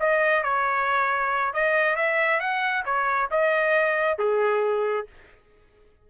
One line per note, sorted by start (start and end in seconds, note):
0.00 0.43 D#5
0.43 1.53 C#5
1.54 1.96 D#5
1.96 2.40 E5
2.40 2.84 F#5
2.85 3.29 C#5
3.31 4.19 D#5
4.19 5.07 G#4